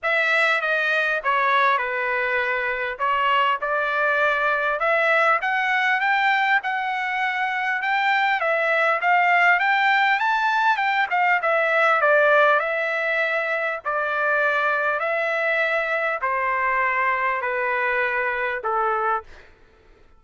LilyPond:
\new Staff \with { instrumentName = "trumpet" } { \time 4/4 \tempo 4 = 100 e''4 dis''4 cis''4 b'4~ | b'4 cis''4 d''2 | e''4 fis''4 g''4 fis''4~ | fis''4 g''4 e''4 f''4 |
g''4 a''4 g''8 f''8 e''4 | d''4 e''2 d''4~ | d''4 e''2 c''4~ | c''4 b'2 a'4 | }